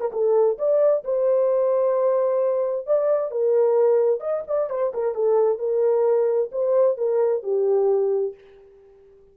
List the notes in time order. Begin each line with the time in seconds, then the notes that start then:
0.00 A#4
0.12 A4
0.58 D5
1.04 C5
2.87 D5
3.31 A#4
4.20 D#5
4.48 D5
4.70 C5
4.94 A#4
5.15 A4
5.59 A#4
6.52 C5
6.97 A#4
7.43 G4